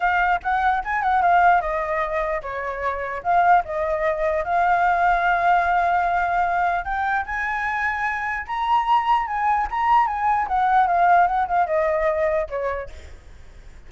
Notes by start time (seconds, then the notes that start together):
0.00 F5
0.42 F#5
0.84 G#5
1.02 F#5
1.22 F5
1.61 D#5
2.41 C#5
3.23 F5
3.64 D#5
4.44 F5
6.84 G5
7.25 G#5
8.46 A#5
9.26 G#5
9.70 A#5
10.07 G#5
10.47 F#5
10.87 F5
11.27 F#5
11.47 F5
11.66 D#5
12.49 C#5